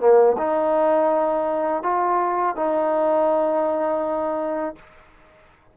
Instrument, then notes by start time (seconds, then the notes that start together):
trombone
0.00 A#3
0.38 D#4
1.83 F4
2.56 D#4